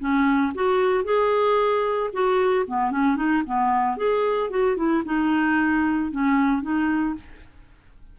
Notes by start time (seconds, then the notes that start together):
0.00 C#4
0.55 F#4
1.05 G#4
2.13 F#4
2.67 B3
2.92 C#4
3.17 D#4
3.47 B3
3.98 G#4
4.51 F#4
4.77 E4
5.06 D#4
6.12 C#4
6.63 D#4